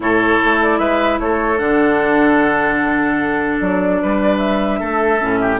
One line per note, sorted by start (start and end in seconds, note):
0.00 0.39 A2
0.00 1.58 E4
0.00 0.79 A4
0.00 0.61 C#5
0.44 0.79 A3
0.62 0.78 D5
0.78 1.19 G#3
0.78 1.19 B4
0.78 1.18 E5
1.19 1.59 A3
1.19 4.02 A4
1.19 1.58 C#5
1.58 3.59 D3
1.58 5.18 D4
1.58 3.58 F#5
3.60 4.00 F#3
3.60 4.38 D5
4.02 4.80 G3
4.02 4.79 B4
4.38 5.58 E5
4.79 5.20 A3
4.79 5.39 A4
5.19 5.60 A2
5.19 5.59 C#4
5.41 5.60 G4